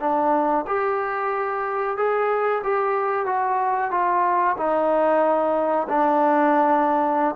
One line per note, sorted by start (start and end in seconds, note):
0.00 0.65 D4
0.67 1.97 G4
1.97 2.63 G#4
2.64 3.26 G4
3.26 3.91 F#4
3.91 4.57 F4
4.57 5.88 D#4
5.89 7.35 D4